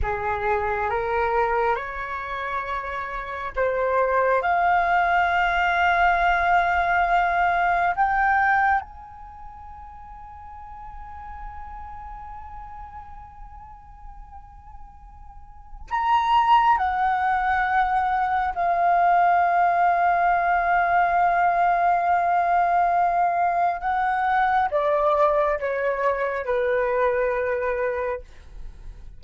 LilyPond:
\new Staff \with { instrumentName = "flute" } { \time 4/4 \tempo 4 = 68 gis'4 ais'4 cis''2 | c''4 f''2.~ | f''4 g''4 gis''2~ | gis''1~ |
gis''2 ais''4 fis''4~ | fis''4 f''2.~ | f''2. fis''4 | d''4 cis''4 b'2 | }